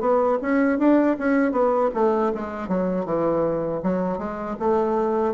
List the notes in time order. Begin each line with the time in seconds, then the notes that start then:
0.00 B3
0.41 C#4
0.79 D4
1.19 C#4
1.52 B3
1.94 A3
2.34 G#3
2.68 F#3
3.05 E3
3.83 F#3
4.18 G#3
4.59 A3